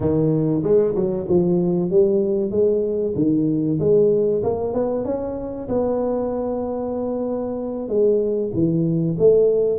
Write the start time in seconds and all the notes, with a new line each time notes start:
0.00 D#3
0.63 G#3
0.95 F#3
1.28 F3
1.90 G3
2.51 G#3
3.15 D#3
3.79 G#3
4.43 A#3
4.73 B3
5.04 C#4
5.68 B3
7.88 G#3
8.53 E3
9.18 A3